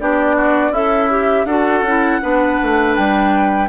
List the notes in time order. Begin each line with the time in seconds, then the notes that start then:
0.00 B3 D4 G4 D5
0.36 F#4
0.71 C#4 E4 A4 E5
1.10 G4
1.45 D4 F#4 A4 F#5
1.82 C#4 E4
2.21 B3 D4 B4
2.63 A3
2.96 G3 G5